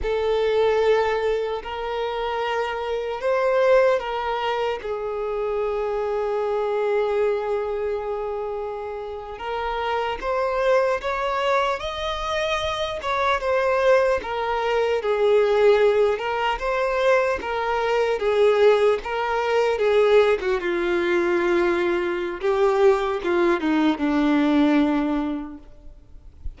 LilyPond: \new Staff \with { instrumentName = "violin" } { \time 4/4 \tempo 4 = 75 a'2 ais'2 | c''4 ais'4 gis'2~ | gis'2.~ gis'8. ais'16~ | ais'8. c''4 cis''4 dis''4~ dis''16~ |
dis''16 cis''8 c''4 ais'4 gis'4~ gis'16~ | gis'16 ais'8 c''4 ais'4 gis'4 ais'16~ | ais'8. gis'8. fis'16 f'2~ f'16 | g'4 f'8 dis'8 d'2 | }